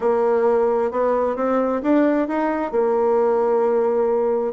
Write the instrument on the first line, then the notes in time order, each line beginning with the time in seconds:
bassoon
0.00 A#3
0.91 B3
1.36 C4
1.82 D4
2.28 D#4
2.71 A#3